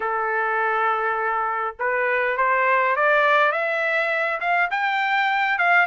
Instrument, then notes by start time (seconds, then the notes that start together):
trumpet
0.00 A4
1.79 B4
2.37 C5
2.96 D5
3.51 E5
4.40 F5
4.71 G5
5.58 F5